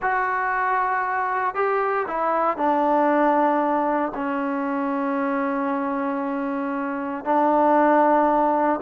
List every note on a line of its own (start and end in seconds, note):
0.01 1.54 F#4
1.54 2.06 G4
2.07 2.57 E4
2.57 4.12 D4
4.14 7.24 C#4
7.24 8.80 D4